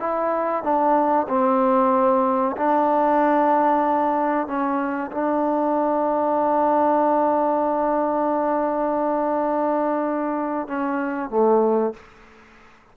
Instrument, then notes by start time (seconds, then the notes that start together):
trombone
0.00 E4
0.63 D4
1.28 C4
2.57 D4
4.47 C#4
5.12 D4
10.68 C#4
11.30 A3